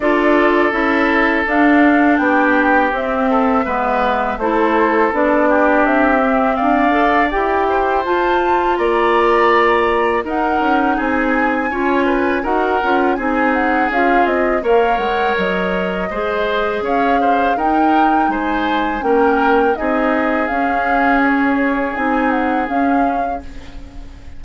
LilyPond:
<<
  \new Staff \with { instrumentName = "flute" } { \time 4/4 \tempo 4 = 82 d''4 e''4 f''4 g''4 | e''2 c''4 d''4 | e''4 f''4 g''4 a''4 | ais''2 fis''4 gis''4~ |
gis''4 fis''4 gis''8 fis''8 f''8 dis''8 | f''8 fis''8 dis''2 f''4 | g''4 gis''4 g''4 dis''4 | f''4 cis''4 gis''8 fis''8 f''4 | }
  \new Staff \with { instrumentName = "oboe" } { \time 4/4 a'2. g'4~ | g'8 a'8 b'4 a'4. g'8~ | g'4 d''4. c''4. | d''2 ais'4 gis'4 |
cis''8 b'8 ais'4 gis'2 | cis''2 c''4 cis''8 c''8 | ais'4 c''4 ais'4 gis'4~ | gis'1 | }
  \new Staff \with { instrumentName = "clarinet" } { \time 4/4 f'4 e'4 d'2 | c'4 b4 e'4 d'4~ | d'8 c'4 a'8 g'4 f'4~ | f'2 dis'2 |
f'4 fis'8 f'8 dis'4 f'4 | ais'2 gis'2 | dis'2 cis'4 dis'4 | cis'2 dis'4 cis'4 | }
  \new Staff \with { instrumentName = "bassoon" } { \time 4/4 d'4 cis'4 d'4 b4 | c'4 gis4 a4 b4 | c'4 d'4 e'4 f'4 | ais2 dis'8 cis'8 c'4 |
cis'4 dis'8 cis'8 c'4 cis'8 c'8 | ais8 gis8 fis4 gis4 cis'4 | dis'4 gis4 ais4 c'4 | cis'2 c'4 cis'4 | }
>>